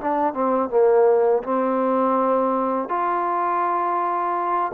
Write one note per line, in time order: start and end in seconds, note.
0.00 0.34 D4
0.34 0.70 C4
0.70 1.43 A#3
1.43 2.89 C4
2.89 4.72 F4